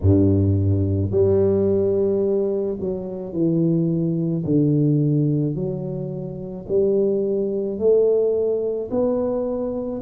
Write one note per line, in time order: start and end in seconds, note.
0.01 1.11 G2
1.11 2.78 G3
2.80 3.32 F#3
3.32 4.43 E3
4.44 5.55 D3
5.55 6.66 F#3
6.68 7.78 G3
7.78 8.89 A3
8.90 10.02 B3